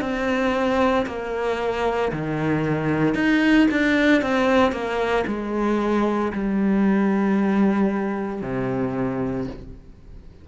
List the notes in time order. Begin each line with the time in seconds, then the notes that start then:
0.00 C4
1.06 A#3
2.11 D#3
3.14 D#4
3.71 D4
4.21 C4
4.72 A#3
5.26 G#3
6.32 G3
8.42 C3